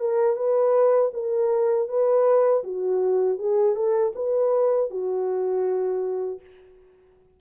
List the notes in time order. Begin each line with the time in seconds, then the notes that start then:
0.00 A#4
0.36 B4
1.14 A#4
1.89 B4
2.64 F#4
3.39 G#4
3.76 A4
4.16 B4
4.91 F#4